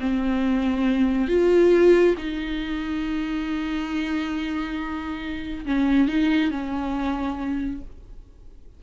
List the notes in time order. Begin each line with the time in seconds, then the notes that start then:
0.00 C4
1.28 F4
2.18 D#4
5.66 C#4
6.08 D#4
6.51 C#4